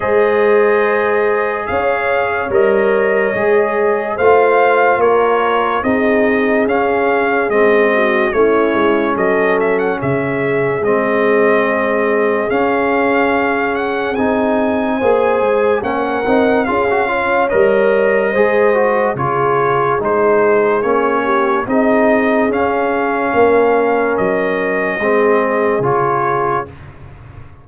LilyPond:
<<
  \new Staff \with { instrumentName = "trumpet" } { \time 4/4 \tempo 4 = 72 dis''2 f''4 dis''4~ | dis''4 f''4 cis''4 dis''4 | f''4 dis''4 cis''4 dis''8 e''16 fis''16 | e''4 dis''2 f''4~ |
f''8 fis''8 gis''2 fis''4 | f''4 dis''2 cis''4 | c''4 cis''4 dis''4 f''4~ | f''4 dis''2 cis''4 | }
  \new Staff \with { instrumentName = "horn" } { \time 4/4 c''2 cis''2~ | cis''4 c''4 ais'4 gis'4~ | gis'4. fis'8 e'4 a'4 | gis'1~ |
gis'2 c''4 ais'4 | gis'8 cis''4. c''4 gis'4~ | gis'4. g'8 gis'2 | ais'2 gis'2 | }
  \new Staff \with { instrumentName = "trombone" } { \time 4/4 gis'2. ais'4 | gis'4 f'2 dis'4 | cis'4 c'4 cis'2~ | cis'4 c'2 cis'4~ |
cis'4 dis'4 gis'4 cis'8 dis'8 | f'16 fis'16 f'8 ais'4 gis'8 fis'8 f'4 | dis'4 cis'4 dis'4 cis'4~ | cis'2 c'4 f'4 | }
  \new Staff \with { instrumentName = "tuba" } { \time 4/4 gis2 cis'4 g4 | gis4 a4 ais4 c'4 | cis'4 gis4 a8 gis8 fis4 | cis4 gis2 cis'4~ |
cis'4 c'4 ais8 gis8 ais8 c'8 | cis'4 g4 gis4 cis4 | gis4 ais4 c'4 cis'4 | ais4 fis4 gis4 cis4 | }
>>